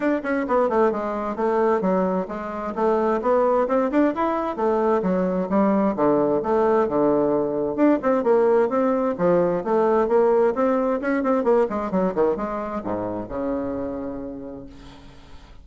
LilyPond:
\new Staff \with { instrumentName = "bassoon" } { \time 4/4 \tempo 4 = 131 d'8 cis'8 b8 a8 gis4 a4 | fis4 gis4 a4 b4 | c'8 d'8 e'4 a4 fis4 | g4 d4 a4 d4~ |
d4 d'8 c'8 ais4 c'4 | f4 a4 ais4 c'4 | cis'8 c'8 ais8 gis8 fis8 dis8 gis4 | gis,4 cis2. | }